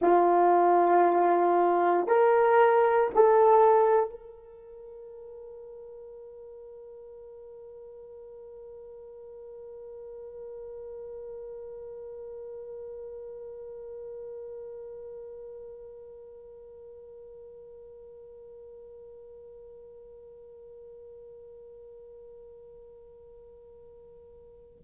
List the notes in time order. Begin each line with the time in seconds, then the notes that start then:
0.01 F4
2.07 A#4
3.14 A4
4.10 A#4